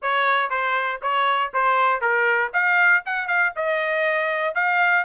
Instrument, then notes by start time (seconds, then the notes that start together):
trumpet
0.02 C#5
0.50 C5
1.02 C#5
1.53 C5
2.01 A#4
2.53 F5
3.05 F#5
3.27 F5
3.56 D#5
4.54 F5